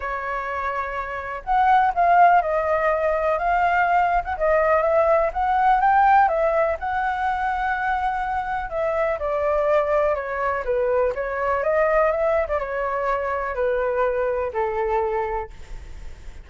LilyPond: \new Staff \with { instrumentName = "flute" } { \time 4/4 \tempo 4 = 124 cis''2. fis''4 | f''4 dis''2 f''4~ | f''8. fis''16 dis''4 e''4 fis''4 | g''4 e''4 fis''2~ |
fis''2 e''4 d''4~ | d''4 cis''4 b'4 cis''4 | dis''4 e''8. d''16 cis''2 | b'2 a'2 | }